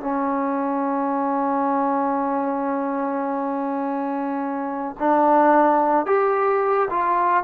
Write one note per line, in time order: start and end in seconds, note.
0.00 4.95 C#4
4.99 6.06 D4
6.06 6.88 G4
6.90 7.43 F4